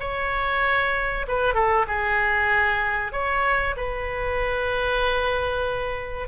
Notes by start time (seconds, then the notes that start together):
0.00 C#5
1.28 B4
1.54 A4
1.87 G#4
3.12 C#5
3.77 B4